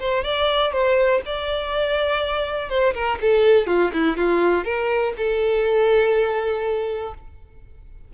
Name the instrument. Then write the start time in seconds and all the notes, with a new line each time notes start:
violin
0.00 C5
0.24 D5
0.73 C5
1.26 D5
2.70 C5
2.94 A#4
3.22 A4
3.67 F4
3.94 E4
4.17 F4
4.65 A#4
5.18 A4